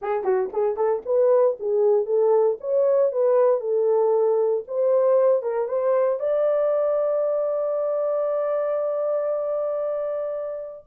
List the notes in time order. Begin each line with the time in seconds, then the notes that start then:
0.01 G#4
0.24 F#4
0.52 G#4
0.76 A4
1.05 B4
1.59 G#4
2.05 A4
2.60 C#5
3.12 B4
3.60 A4
4.67 C5
5.42 A#4
5.68 C5
6.19 D5